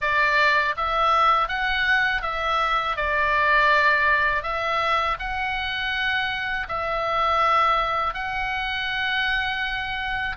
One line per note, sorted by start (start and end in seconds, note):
0.01 0.75 D5
0.76 1.48 E5
1.48 2.22 F#5
2.22 2.96 E5
2.96 4.42 D5
4.42 5.17 E5
5.19 6.67 F#5
6.68 8.13 E5
8.13 10.36 F#5